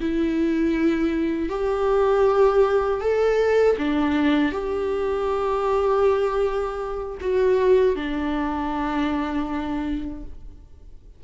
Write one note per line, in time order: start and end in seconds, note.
0.00 1.49 E4
1.49 3.00 G4
3.00 3.76 A4
3.78 4.52 D4
4.52 7.18 G4
7.21 7.95 F#4
7.95 10.23 D4